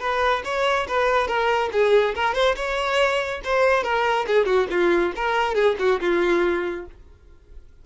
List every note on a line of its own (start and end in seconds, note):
0.00 0.43 B4
0.44 0.87 C#5
0.88 1.27 B4
1.27 1.70 A#4
1.72 2.15 G#4
2.15 2.34 A#4
2.34 2.56 C5
2.56 3.41 C#5
3.44 3.83 C5
3.83 4.26 A#4
4.27 4.46 G#4
4.46 4.67 F#4
4.70 5.13 F4
5.16 5.55 A#4
5.55 5.76 G#4
5.79 6.00 F#4
6.01 6.86 F4